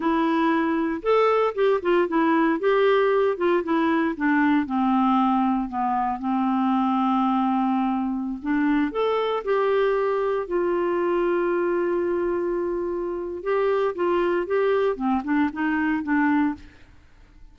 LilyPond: \new Staff \with { instrumentName = "clarinet" } { \time 4/4 \tempo 4 = 116 e'2 a'4 g'8 f'8 | e'4 g'4. f'8 e'4 | d'4 c'2 b4 | c'1~ |
c'16 d'4 a'4 g'4.~ g'16~ | g'16 f'2.~ f'8.~ | f'2 g'4 f'4 | g'4 c'8 d'8 dis'4 d'4 | }